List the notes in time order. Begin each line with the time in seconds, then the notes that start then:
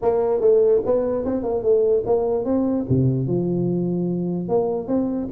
0.02 A#3
0.40 A3
0.85 B3
1.25 C4
1.43 A#3
1.62 A3
2.06 A#3
2.45 C4
2.89 C3
3.27 F3
4.48 A#3
4.87 C4